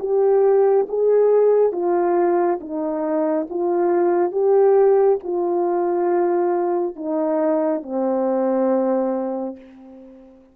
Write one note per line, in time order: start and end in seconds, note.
0.00 0.87 G4
0.89 1.73 G#4
1.73 2.60 F4
2.61 3.48 D#4
3.50 4.32 F4
4.32 5.19 G4
5.24 6.96 F4
6.96 7.83 D#4
7.83 9.57 C4